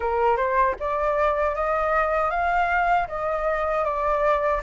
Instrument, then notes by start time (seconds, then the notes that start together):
flute
0.00 A#4
0.36 C5
0.79 D5
1.55 D#5
2.30 F5
3.07 D#5
3.84 D5